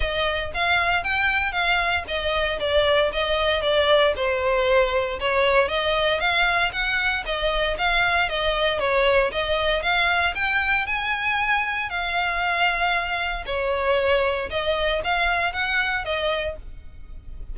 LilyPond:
\new Staff \with { instrumentName = "violin" } { \time 4/4 \tempo 4 = 116 dis''4 f''4 g''4 f''4 | dis''4 d''4 dis''4 d''4 | c''2 cis''4 dis''4 | f''4 fis''4 dis''4 f''4 |
dis''4 cis''4 dis''4 f''4 | g''4 gis''2 f''4~ | f''2 cis''2 | dis''4 f''4 fis''4 dis''4 | }